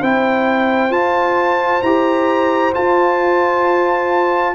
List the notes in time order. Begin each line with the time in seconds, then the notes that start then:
0.00 C4 E4 C5 G5
0.90 F4 A5
1.82 E4 G4 A#5
2.73 F4 A5